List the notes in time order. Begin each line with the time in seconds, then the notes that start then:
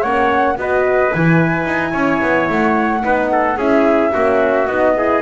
0.00 A#3 C#4 C#5 F#5
0.57 B3 F#4 B4 D#5
1.14 E3 E4 G#5
1.66 D#4
1.92 C#4 C#5
2.22 B3
2.49 A3 F#5
3.01 B3 D#4 B4
3.32 A4
3.57 C#4 E4 G#4 E5
4.13 A#3 C#4 F#4
4.67 B3 D#4 D#5
4.96 E4 G#4